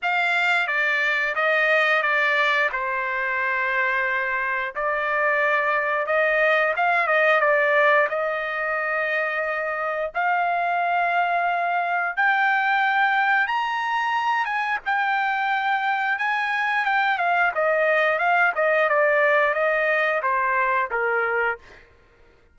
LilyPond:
\new Staff \with { instrumentName = "trumpet" } { \time 4/4 \tempo 4 = 89 f''4 d''4 dis''4 d''4 | c''2. d''4~ | d''4 dis''4 f''8 dis''8 d''4 | dis''2. f''4~ |
f''2 g''2 | ais''4. gis''8 g''2 | gis''4 g''8 f''8 dis''4 f''8 dis''8 | d''4 dis''4 c''4 ais'4 | }